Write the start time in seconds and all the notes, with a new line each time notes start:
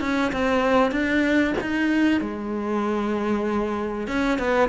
0.00 C#4
0.32 C4
0.91 D4
1.61 D#4
2.20 G#3
4.07 C#4
4.38 B3